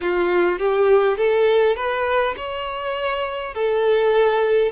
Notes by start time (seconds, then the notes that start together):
0.01 F4
0.58 G4
1.17 A4
1.75 B4
2.36 C#5
3.54 A4